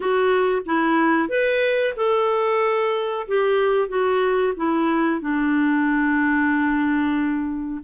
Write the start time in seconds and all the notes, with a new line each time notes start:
0.00 F#4
0.65 E4
1.28 B4
1.96 A4
3.27 G4
3.88 F#4
4.56 E4
5.20 D4